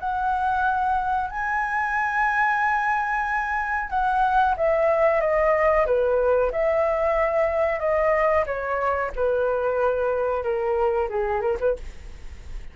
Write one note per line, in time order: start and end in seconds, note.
0.00 1.30 F#5
1.30 3.90 G#5
3.90 4.55 F#5
4.57 5.21 E5
5.21 5.86 D#5
5.86 6.52 B4
6.52 7.80 E5
7.80 8.45 D#5
8.46 9.12 C#5
9.16 10.43 B4
10.43 11.09 A#4
11.09 11.41 G#4
11.41 11.57 A#4
11.60 11.76 B4